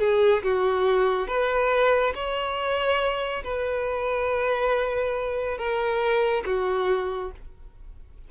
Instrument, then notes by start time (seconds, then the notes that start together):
violin
0.00 G#4
0.43 F#4
1.27 B4
2.15 C#5
3.44 B4
5.58 A#4
6.46 F#4